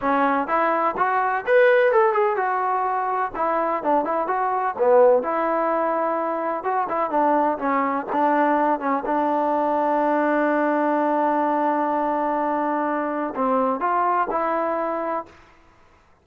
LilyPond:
\new Staff \with { instrumentName = "trombone" } { \time 4/4 \tempo 4 = 126 cis'4 e'4 fis'4 b'4 | a'8 gis'8 fis'2 e'4 | d'8 e'8 fis'4 b4 e'4~ | e'2 fis'8 e'8 d'4 |
cis'4 d'4. cis'8 d'4~ | d'1~ | d'1 | c'4 f'4 e'2 | }